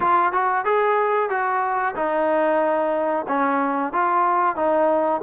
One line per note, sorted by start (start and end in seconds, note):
0.00 0.32 F4
0.32 0.64 F#4
0.64 1.29 G#4
1.29 1.94 F#4
1.95 3.25 D#4
3.28 3.92 C#4
3.92 4.56 F4
4.56 5.21 D#4